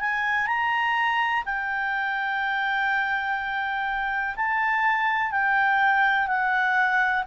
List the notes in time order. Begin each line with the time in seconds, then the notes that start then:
0.00 G#5
0.47 A#5
1.45 G5
4.36 A5
5.31 G5
6.27 F#5